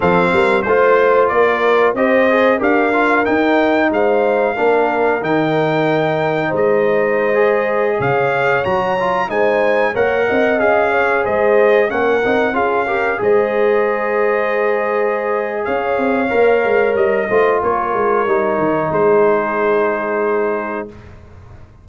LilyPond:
<<
  \new Staff \with { instrumentName = "trumpet" } { \time 4/4 \tempo 4 = 92 f''4 c''4 d''4 dis''4 | f''4 g''4 f''2 | g''2 dis''2~ | dis''16 f''4 ais''4 gis''4 fis''8.~ |
fis''16 f''4 dis''4 fis''4 f''8.~ | f''16 dis''2.~ dis''8. | f''2 dis''4 cis''4~ | cis''4 c''2. | }
  \new Staff \with { instrumentName = "horn" } { \time 4/4 a'8 ais'8 c''4 ais'4 c''4 | ais'2 c''4 ais'4~ | ais'2 c''2~ | c''16 cis''2 c''4 cis''8 dis''16~ |
dis''8. cis''8 c''4 ais'4 gis'8 ais'16~ | ais'16 c''2.~ c''8. | cis''2~ cis''8 c''8 ais'4~ | ais'4 gis'2. | }
  \new Staff \with { instrumentName = "trombone" } { \time 4/4 c'4 f'2 g'8 gis'8 | g'8 f'8 dis'2 d'4 | dis'2.~ dis'16 gis'8.~ | gis'4~ gis'16 fis'8 f'8 dis'4 ais'8.~ |
ais'16 gis'2 cis'8 dis'8 f'8 g'16~ | g'16 gis'2.~ gis'8.~ | gis'4 ais'4. f'4. | dis'1 | }
  \new Staff \with { instrumentName = "tuba" } { \time 4/4 f8 g8 a4 ais4 c'4 | d'4 dis'4 gis4 ais4 | dis2 gis2~ | gis16 cis4 fis4 gis4 ais8 c'16~ |
c'16 cis'4 gis4 ais8 c'8 cis'8.~ | cis'16 gis2.~ gis8. | cis'8 c'8 ais8 gis8 g8 a8 ais8 gis8 | g8 dis8 gis2. | }
>>